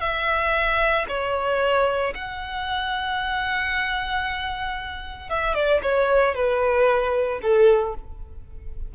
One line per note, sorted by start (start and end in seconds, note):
0.00 1.05 E5
1.08 2.13 C#5
2.15 5.29 F#5
5.29 5.54 E5
5.54 5.81 D5
5.82 6.34 C#5
6.34 7.40 B4
7.42 7.94 A4